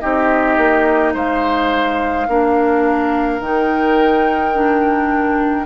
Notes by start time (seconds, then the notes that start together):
0.00 C4 D#4 G4 D#5
0.57 A#3
1.14 G#3 C5 F5
2.28 A#3 D4 A#4
3.40 D#3 D#4 G5
4.54 D4